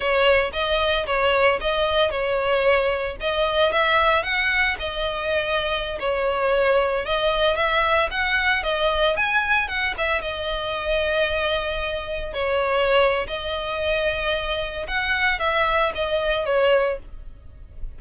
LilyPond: \new Staff \with { instrumentName = "violin" } { \time 4/4 \tempo 4 = 113 cis''4 dis''4 cis''4 dis''4 | cis''2 dis''4 e''4 | fis''4 dis''2~ dis''16 cis''8.~ | cis''4~ cis''16 dis''4 e''4 fis''8.~ |
fis''16 dis''4 gis''4 fis''8 e''8 dis''8.~ | dis''2.~ dis''16 cis''8.~ | cis''4 dis''2. | fis''4 e''4 dis''4 cis''4 | }